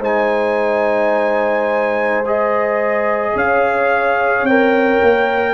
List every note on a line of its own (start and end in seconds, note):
0.00 3.33 G#3
0.00 2.24 D#4
0.00 3.34 C5
0.00 2.26 G#5
2.26 4.48 G#4
2.26 3.37 D#5
3.34 4.43 C#4
3.34 5.54 C#5
3.34 4.46 F5
4.43 4.98 C4
4.43 5.54 G5
4.49 5.54 A#4
5.02 5.54 A#3